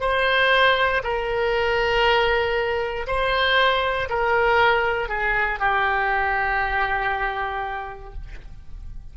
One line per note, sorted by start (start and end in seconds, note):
0.00 1.02 C5
1.03 3.06 A#4
3.07 4.09 C5
4.09 5.08 A#4
5.08 5.59 G#4
5.59 8.14 G4